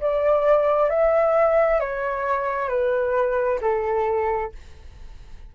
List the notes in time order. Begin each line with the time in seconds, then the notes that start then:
0.00 D5
0.89 E5
1.80 C#5
2.69 B4
3.61 A4